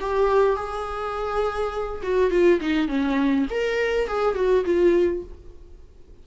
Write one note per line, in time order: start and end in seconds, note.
0.00 0.56 G4
0.56 2.02 G#4
2.03 2.31 F#4
2.31 2.60 F4
2.61 2.88 D#4
2.88 3.47 C#4
3.51 4.08 A#4
4.08 4.36 G#4
4.36 4.65 F#4
4.65 5.23 F4